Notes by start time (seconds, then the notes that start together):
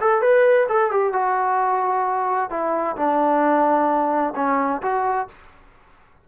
0.00 A4
0.21 B4
0.68 A4
0.91 G4
1.13 F#4
2.50 E4
2.96 D4
4.35 C#4
4.82 F#4